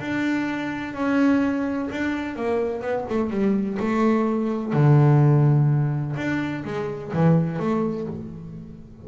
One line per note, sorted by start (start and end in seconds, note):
0.00 0.94 D4
0.94 1.89 C#4
1.91 2.36 D4
2.36 2.82 A#3
2.82 3.05 B3
3.10 3.30 A3
3.30 3.78 G3
3.80 4.73 A3
4.73 6.16 D3
6.16 6.64 D4
6.65 7.12 G#3
7.13 7.60 E3
7.60 8.07 A3